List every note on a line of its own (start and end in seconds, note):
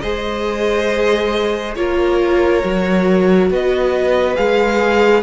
0.00 1.76 G#3
0.00 1.76 G#4
0.00 1.76 C5
0.00 1.74 D#5
1.75 2.63 A#3
1.75 2.63 F4
1.75 3.50 A#4
1.75 3.49 C#5
2.64 3.50 F#3
2.64 4.35 F#4
3.50 4.37 B3
3.50 5.22 B4
3.50 4.36 D#5
4.35 5.22 G#3
4.35 5.22 G#4
4.35 5.22 F5